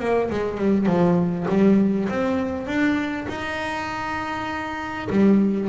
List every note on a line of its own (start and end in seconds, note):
0.00 0.30 A#3
0.30 0.58 G#3
0.58 0.86 G3
0.86 1.46 F3
1.49 2.09 G3
2.10 2.67 C4
2.67 3.27 D4
3.29 5.09 D#4
5.10 5.69 G3